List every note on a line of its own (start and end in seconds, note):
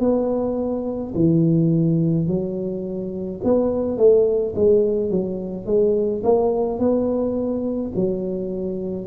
0.00 1.13 B3
1.15 2.28 E3
2.28 3.41 F#3
3.44 3.98 B3
3.98 4.54 A3
4.56 5.10 G#3
5.10 5.67 F#3
5.67 6.23 G#3
6.24 6.79 A#3
6.79 7.92 B3
7.96 9.07 F#3